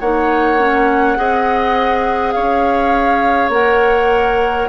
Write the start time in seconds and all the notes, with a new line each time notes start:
0.00 A#3 D#4 C#5 F#5
0.60 C#4
1.17 C4 G#4 D#5
2.32 C#4 C#5 F5
3.50 A#3 A#4 F#5